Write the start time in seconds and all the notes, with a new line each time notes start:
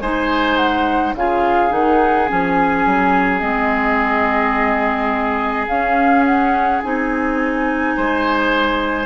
0.00 G#3 D#4 C5 G#5
0.56 F#5
1.14 C#3 F4 G#4 F5
1.69 D#3 D#4 F#5
2.28 F3 C#4 G#5
2.85 F#3
3.39 G#3 C4 D#5
5.67 C#4 F5
6.25 F#5
6.83 C4 D#4 G#5
7.96 G#3 C5